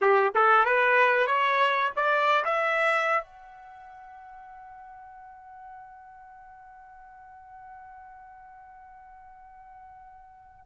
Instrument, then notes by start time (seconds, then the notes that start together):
trumpet
0.01 G4
0.34 A4
0.65 B4
1.26 C#5
1.96 D5
2.44 E5
3.23 F#5